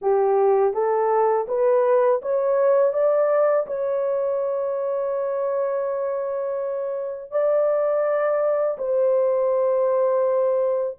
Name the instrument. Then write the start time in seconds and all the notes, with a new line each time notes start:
horn
0.01 G4
0.73 A4
1.48 B4
2.22 C#5
2.93 D5
3.66 C#5
7.31 D5
8.78 C5